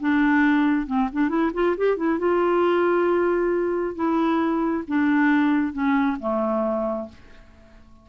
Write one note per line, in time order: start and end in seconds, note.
0.00 0.86 D4
0.86 1.08 C4
1.12 1.29 D4
1.29 1.51 E4
1.53 1.76 F4
1.77 1.96 G4
1.96 2.18 E4
2.18 3.95 F4
3.95 4.84 E4
4.87 5.72 D4
5.72 6.17 C#4
6.19 7.08 A3